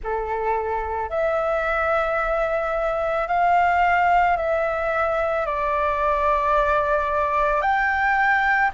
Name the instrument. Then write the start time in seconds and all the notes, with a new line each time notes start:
flute
0.03 A4
1.09 E5
3.27 F5
4.36 E5
5.45 D5
7.61 G5